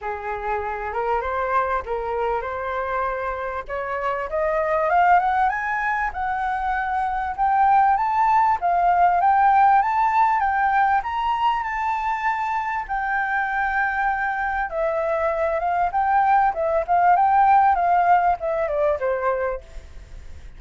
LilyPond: \new Staff \with { instrumentName = "flute" } { \time 4/4 \tempo 4 = 98 gis'4. ais'8 c''4 ais'4 | c''2 cis''4 dis''4 | f''8 fis''8 gis''4 fis''2 | g''4 a''4 f''4 g''4 |
a''4 g''4 ais''4 a''4~ | a''4 g''2. | e''4. f''8 g''4 e''8 f''8 | g''4 f''4 e''8 d''8 c''4 | }